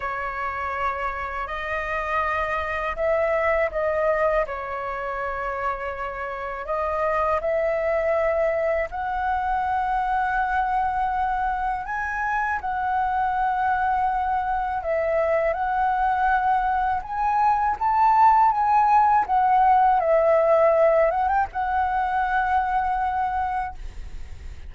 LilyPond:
\new Staff \with { instrumentName = "flute" } { \time 4/4 \tempo 4 = 81 cis''2 dis''2 | e''4 dis''4 cis''2~ | cis''4 dis''4 e''2 | fis''1 |
gis''4 fis''2. | e''4 fis''2 gis''4 | a''4 gis''4 fis''4 e''4~ | e''8 fis''16 g''16 fis''2. | }